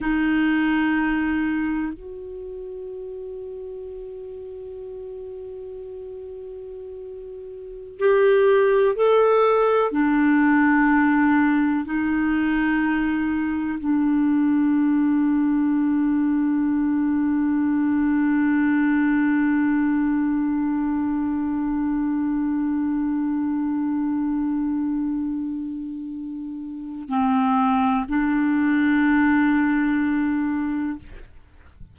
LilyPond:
\new Staff \with { instrumentName = "clarinet" } { \time 4/4 \tempo 4 = 62 dis'2 fis'2~ | fis'1~ | fis'16 g'4 a'4 d'4.~ d'16~ | d'16 dis'2 d'4.~ d'16~ |
d'1~ | d'1~ | d'1 | c'4 d'2. | }